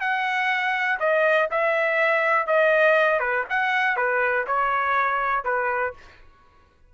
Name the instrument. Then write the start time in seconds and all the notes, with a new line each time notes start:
trumpet
0.00 F#5
0.99 D#5
1.50 E5
2.47 D#5
3.19 B4
3.49 F#5
3.96 B4
4.47 C#5
5.44 B4